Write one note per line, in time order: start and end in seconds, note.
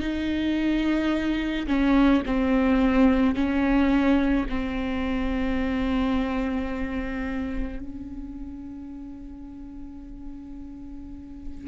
0.00 1.67 D#4
1.67 2.23 C#4
2.26 3.35 C4
3.35 4.46 C#4
4.49 7.79 C4
7.79 11.68 C#4